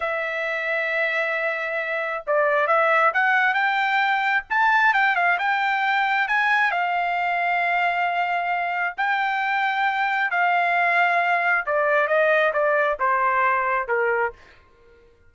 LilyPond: \new Staff \with { instrumentName = "trumpet" } { \time 4/4 \tempo 4 = 134 e''1~ | e''4 d''4 e''4 fis''4 | g''2 a''4 g''8 f''8 | g''2 gis''4 f''4~ |
f''1 | g''2. f''4~ | f''2 d''4 dis''4 | d''4 c''2 ais'4 | }